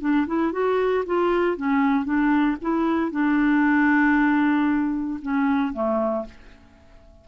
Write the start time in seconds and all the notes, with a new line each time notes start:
0.00 D4
0.26 E4
0.52 F#4
1.06 F4
1.56 C#4
2.04 D4
2.61 E4
3.11 D4
5.22 C#4
5.73 A3